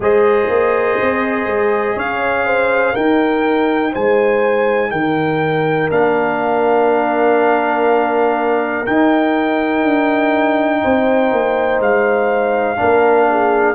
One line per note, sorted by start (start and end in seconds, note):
0.00 0.48 G#3
0.00 2.95 G#4
0.00 1.96 C5
0.00 1.99 D#5
0.48 0.98 A#3
1.01 1.46 C4
1.46 1.95 G#3
1.96 2.94 C#4
1.96 2.45 C#5
1.96 2.95 F5
2.46 2.93 C5
2.93 5.90 D#4
2.93 3.94 D#4
2.93 3.91 A#4
2.93 3.93 G5
3.92 4.91 G#3
3.92 4.90 C5
3.92 4.90 G#5
4.90 5.90 D#3
4.90 10.81 A#4
4.90 5.89 G5
5.90 8.85 A#3
5.90 8.85 D4
5.90 8.85 F5
8.85 12.76 D#4
8.85 9.83 D#4
8.85 11.81 G5
9.83 10.82 D4
10.82 11.32 C4
10.82 12.79 C5
11.32 11.79 A#3
11.79 12.78 G#3
11.79 13.75 F5
12.76 13.75 A#3
12.76 13.75 D4
12.76 13.28 A#4
13.30 13.75 G#4